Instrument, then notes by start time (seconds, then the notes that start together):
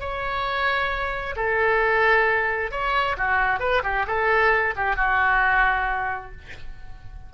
oboe
0.00 C#5
1.36 A4
2.71 C#5
3.17 F#4
3.60 B4
3.83 G4
4.07 A4
4.76 G4
4.96 F#4